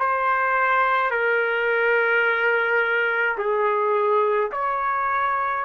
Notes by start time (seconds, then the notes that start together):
0.00 C5
1.11 A#4
3.38 G#4
4.52 C#5